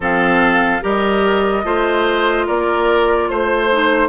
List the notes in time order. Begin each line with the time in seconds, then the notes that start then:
0.00 F3 C4 A4 F5
0.81 G3 G4 A#4 D#5
1.63 A3 F4 C5
2.46 A#3 A#4 D5
3.28 A3 C5
3.71 D#4